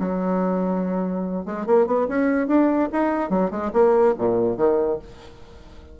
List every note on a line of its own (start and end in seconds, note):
0.00 1.46 F#3
1.46 1.67 G#3
1.67 1.87 A#3
1.87 2.08 B3
2.09 2.48 C#4
2.48 2.90 D4
2.93 3.30 D#4
3.30 3.51 F#3
3.51 3.72 G#3
3.73 4.15 A#3
4.19 4.57 A#2
4.57 4.99 D#3